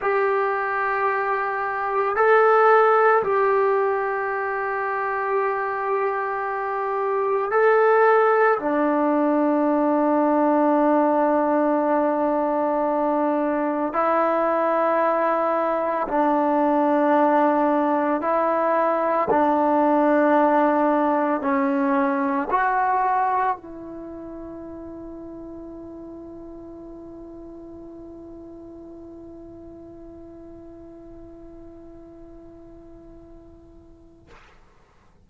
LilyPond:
\new Staff \with { instrumentName = "trombone" } { \time 4/4 \tempo 4 = 56 g'2 a'4 g'4~ | g'2. a'4 | d'1~ | d'4 e'2 d'4~ |
d'4 e'4 d'2 | cis'4 fis'4 e'2~ | e'1~ | e'1 | }